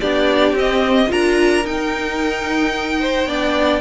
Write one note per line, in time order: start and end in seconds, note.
0.00 0.52 B3
0.00 0.56 D4
0.00 1.09 G4
0.00 0.55 D5
0.52 1.06 C4
0.52 1.07 C4
0.58 1.12 D#5
1.07 1.65 D4
1.07 1.62 F4
1.07 3.00 A#4
1.07 1.66 A#5
1.65 3.26 D#4
1.65 3.27 D#4
1.65 3.80 G5
3.00 3.27 C5
3.26 3.80 B3
3.26 3.80 D4
3.26 3.80 D5